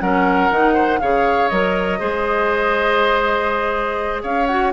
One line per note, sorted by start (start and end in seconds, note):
0.00 0.50 F#3
0.00 0.51 C#4
0.00 0.73 A#4
0.00 0.99 F#5
0.50 0.99 D#3
0.50 1.01 D#4
0.73 0.98 C5
0.99 1.51 C#3
0.99 1.51 G#4
0.99 1.99 C#5
0.99 1.49 F5
1.49 2.00 F#3
1.49 1.99 A#4
1.49 4.21 D#5
1.99 4.23 G#3
1.99 4.47 G#4
1.99 4.22 C5
4.22 4.73 C#4
4.22 4.72 C#5
4.22 4.46 F5
4.46 4.73 F#4
4.46 4.71 F#5